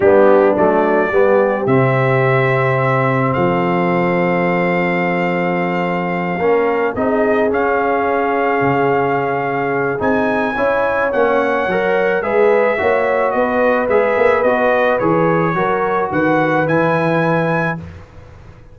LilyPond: <<
  \new Staff \with { instrumentName = "trumpet" } { \time 4/4 \tempo 4 = 108 g'4 d''2 e''4~ | e''2 f''2~ | f''1~ | f''8 dis''4 f''2~ f''8~ |
f''2 gis''2 | fis''2 e''2 | dis''4 e''4 dis''4 cis''4~ | cis''4 fis''4 gis''2 | }
  \new Staff \with { instrumentName = "horn" } { \time 4/4 d'2 g'2~ | g'2 a'2~ | a'2.~ a'8 ais'8~ | ais'8 gis'2.~ gis'8~ |
gis'2. cis''4~ | cis''2 b'4 cis''4 | b'1 | ais'4 b'2. | }
  \new Staff \with { instrumentName = "trombone" } { \time 4/4 b4 a4 b4 c'4~ | c'1~ | c'2.~ c'8 cis'8~ | cis'8 dis'4 cis'2~ cis'8~ |
cis'2 dis'4 e'4 | cis'4 ais'4 gis'4 fis'4~ | fis'4 gis'4 fis'4 gis'4 | fis'2 e'2 | }
  \new Staff \with { instrumentName = "tuba" } { \time 4/4 g4 fis4 g4 c4~ | c2 f2~ | f2.~ f8 ais8~ | ais8 c'4 cis'2 cis8~ |
cis2 c'4 cis'4 | ais4 fis4 gis4 ais4 | b4 gis8 ais8 b4 e4 | fis4 dis4 e2 | }
>>